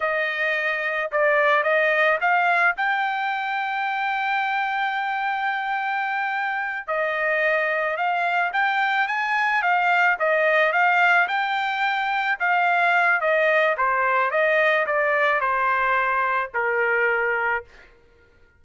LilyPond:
\new Staff \with { instrumentName = "trumpet" } { \time 4/4 \tempo 4 = 109 dis''2 d''4 dis''4 | f''4 g''2.~ | g''1~ | g''8 dis''2 f''4 g''8~ |
g''8 gis''4 f''4 dis''4 f''8~ | f''8 g''2 f''4. | dis''4 c''4 dis''4 d''4 | c''2 ais'2 | }